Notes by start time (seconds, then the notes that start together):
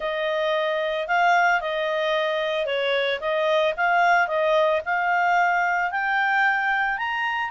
0.00 D#5
1.07 F5
1.60 D#5
2.66 C#5
3.20 D#5
3.76 F5
4.27 D#5
4.85 F5
5.91 G5
6.97 A#5